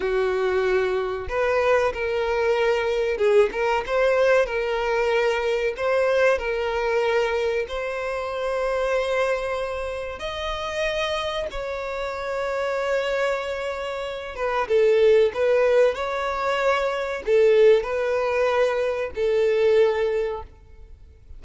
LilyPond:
\new Staff \with { instrumentName = "violin" } { \time 4/4 \tempo 4 = 94 fis'2 b'4 ais'4~ | ais'4 gis'8 ais'8 c''4 ais'4~ | ais'4 c''4 ais'2 | c''1 |
dis''2 cis''2~ | cis''2~ cis''8 b'8 a'4 | b'4 cis''2 a'4 | b'2 a'2 | }